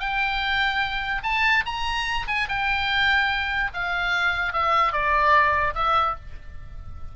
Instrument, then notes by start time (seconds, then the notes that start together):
oboe
0.00 G5
1.24 A5
1.66 A#5
2.28 G#5
2.49 G5
3.74 F5
4.53 E5
4.93 D5
5.75 E5